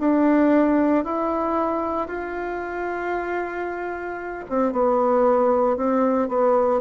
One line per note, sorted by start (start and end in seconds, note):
0.00 1.05 D4
1.05 2.08 E4
2.08 4.45 F4
4.50 4.73 C4
4.73 5.78 B3
5.78 6.29 C4
6.29 6.81 B3